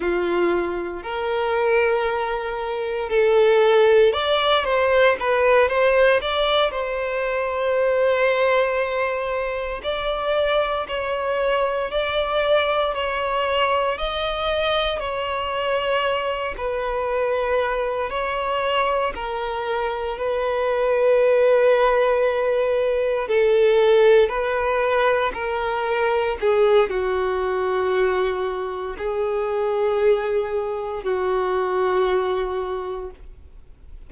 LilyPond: \new Staff \with { instrumentName = "violin" } { \time 4/4 \tempo 4 = 58 f'4 ais'2 a'4 | d''8 c''8 b'8 c''8 d''8 c''4.~ | c''4. d''4 cis''4 d''8~ | d''8 cis''4 dis''4 cis''4. |
b'4. cis''4 ais'4 b'8~ | b'2~ b'8 a'4 b'8~ | b'8 ais'4 gis'8 fis'2 | gis'2 fis'2 | }